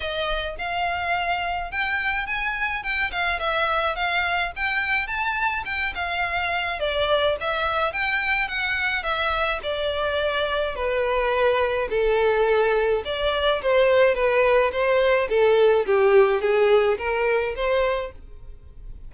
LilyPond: \new Staff \with { instrumentName = "violin" } { \time 4/4 \tempo 4 = 106 dis''4 f''2 g''4 | gis''4 g''8 f''8 e''4 f''4 | g''4 a''4 g''8 f''4. | d''4 e''4 g''4 fis''4 |
e''4 d''2 b'4~ | b'4 a'2 d''4 | c''4 b'4 c''4 a'4 | g'4 gis'4 ais'4 c''4 | }